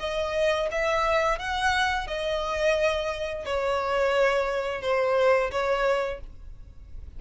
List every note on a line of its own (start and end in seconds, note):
0.00 0.69 D#5
0.71 1.39 E5
1.39 2.08 F#5
2.08 3.45 D#5
3.45 4.82 C#5
4.82 5.51 C5
5.51 6.20 C#5